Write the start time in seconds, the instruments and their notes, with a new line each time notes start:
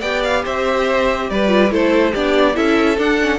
0.00 cello B3, viola G4, violin D5 G5
0.24 violin F5
0.44 cello C4, violin C5 E5
1.30 cello G3, violin B4 D5
1.47 viola F4
1.70 cello A3, viola E4, violin A4 C5
2.12 cello B3, viola D4, violin G4 D5
2.54 cello C#4, viola E4, violin A4 E5
2.98 viola D4, cello D4, violin F#5
3.21 viola C#4